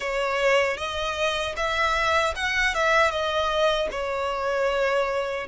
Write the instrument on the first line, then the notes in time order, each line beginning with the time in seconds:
violin
0.00 C#5
0.77 D#5
1.56 E5
2.35 F#5
2.74 E5
3.10 D#5
3.91 C#5